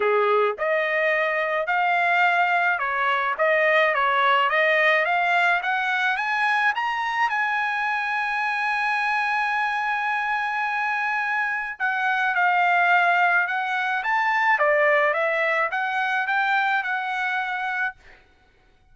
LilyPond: \new Staff \with { instrumentName = "trumpet" } { \time 4/4 \tempo 4 = 107 gis'4 dis''2 f''4~ | f''4 cis''4 dis''4 cis''4 | dis''4 f''4 fis''4 gis''4 | ais''4 gis''2.~ |
gis''1~ | gis''4 fis''4 f''2 | fis''4 a''4 d''4 e''4 | fis''4 g''4 fis''2 | }